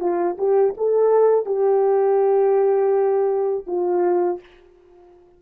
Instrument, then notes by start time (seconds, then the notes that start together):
horn
0.00 F4
0.38 G4
0.77 A4
1.46 G4
3.67 F4